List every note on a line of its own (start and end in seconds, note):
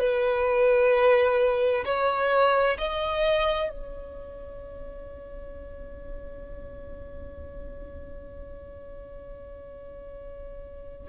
0.00 1.85 B4
1.86 2.78 C#5
2.79 3.70 D#5
3.70 11.09 C#5